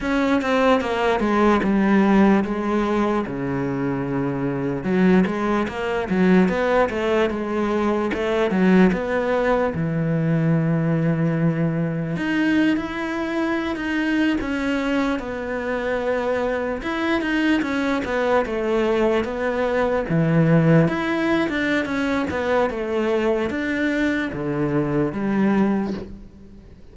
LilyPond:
\new Staff \with { instrumentName = "cello" } { \time 4/4 \tempo 4 = 74 cis'8 c'8 ais8 gis8 g4 gis4 | cis2 fis8 gis8 ais8 fis8 | b8 a8 gis4 a8 fis8 b4 | e2. dis'8. e'16~ |
e'4 dis'8. cis'4 b4~ b16~ | b8. e'8 dis'8 cis'8 b8 a4 b16~ | b8. e4 e'8. d'8 cis'8 b8 | a4 d'4 d4 g4 | }